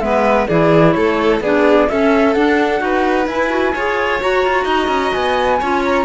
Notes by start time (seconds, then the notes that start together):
0.00 G#3 B3 B4 E5
0.47 E3 E4 G#4 D5
0.92 A3 A4 C#5
1.41 B3 D4 G#4 D5
1.89 C#4 A4 E5
2.34 D4 F#5
2.78 D#4 F#4 B4
3.27 E4 G#5
3.49 F#4
3.74 F4 G#4 C#5
4.20 F#4 A#5
4.46 F4
4.64 D#4 D#5
4.88 C#4
5.13 B3 G#5
5.60 C#4 F4 C#5
5.85 A#5